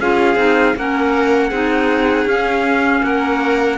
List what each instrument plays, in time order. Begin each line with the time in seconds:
0.00 cello C#4, clarinet F4, violin G#4, trumpet F5
0.35 cello C4, clarinet D#4
0.76 cello A#3, clarinet C#4, violin A#4, trumpet F#5
1.49 cello C4, clarinet D#4, violin G#4
2.25 cello C#4, clarinet C#4, trumpet F5
3.03 cello A#3, violin A#4, trumpet F#5